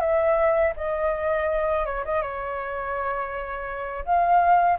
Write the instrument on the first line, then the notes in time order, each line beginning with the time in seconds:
flute
0.00 E5
0.76 D#5
1.86 C#5
2.05 D#5
2.22 C#5
4.05 F5